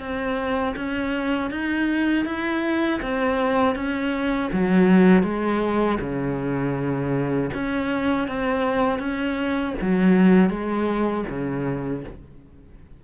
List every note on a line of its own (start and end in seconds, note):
0.00 0.75 C4
0.77 1.51 C#4
1.51 2.26 D#4
2.26 3.01 E4
3.02 3.76 C4
3.76 4.51 C#4
4.53 5.23 F#3
5.23 5.98 G#3
6.01 7.51 C#3
7.54 8.28 C#4
8.28 8.99 C4
8.99 9.74 C#4
9.81 10.50 F#3
10.50 11.25 G#3
11.29 12.04 C#3